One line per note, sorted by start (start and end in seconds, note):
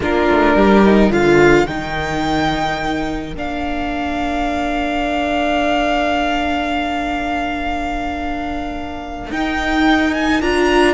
0.00 0.28 A#3
0.00 0.85 D4
0.00 0.56 F4
0.00 1.12 A#4
0.30 0.55 A3
0.55 1.10 G3
0.55 1.10 G4
0.85 1.10 D#4
1.10 1.65 D3
1.10 1.66 F4
1.10 10.93 A#4
1.10 1.67 F5
1.67 3.33 D#3
1.67 3.35 D#4
1.67 3.33 G5
3.33 9.30 A#3
3.33 9.32 D4
3.33 9.31 F5
9.30 10.41 D#4
9.30 10.42 D#4
9.30 10.14 G5
10.14 10.41 G#5
10.41 10.93 D4
10.41 10.93 F4
10.41 10.93 A#5